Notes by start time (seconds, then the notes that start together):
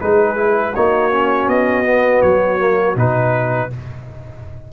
0.00 G#3 D#4 G#4 B4
0.36 E4
0.72 A#3 D#4 F#4 C#5
1.11 C#4
1.48 B3 D#5
1.84 B3
2.21 F#3 C#5
2.58 A#3
2.96 B2 D#4 B4